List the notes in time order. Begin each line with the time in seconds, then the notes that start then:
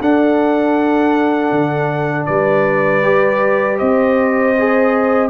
0.00 D4 A4 F#5
1.51 D3
2.26 G3 B4 D5
3.03 G4
3.79 C4 C5 D#5
4.59 G#4